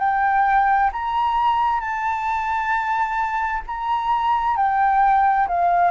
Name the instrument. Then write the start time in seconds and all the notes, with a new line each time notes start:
flute
0.00 G5
0.93 A#5
1.81 A5
3.67 A#5
4.57 G5
5.48 F5